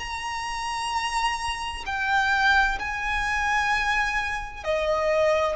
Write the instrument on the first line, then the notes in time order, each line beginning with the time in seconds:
violin
0.00 A#5
1.86 G5
2.79 G#5
4.64 D#5